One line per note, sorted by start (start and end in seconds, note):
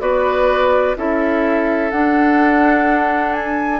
0.00 0.96 B3
0.00 0.95 F#4
0.00 0.97 B4
0.00 0.96 D5
0.96 1.92 C#4
0.96 1.92 E4
0.96 3.80 A4
0.96 1.91 E5
1.91 3.80 D4
1.91 3.34 F#5
3.34 3.80 G#5